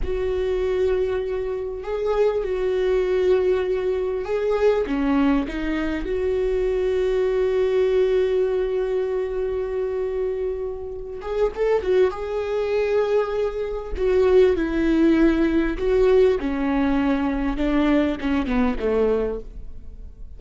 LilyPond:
\new Staff \with { instrumentName = "viola" } { \time 4/4 \tempo 4 = 99 fis'2. gis'4 | fis'2. gis'4 | cis'4 dis'4 fis'2~ | fis'1~ |
fis'2~ fis'8 gis'8 a'8 fis'8 | gis'2. fis'4 | e'2 fis'4 cis'4~ | cis'4 d'4 cis'8 b8 a4 | }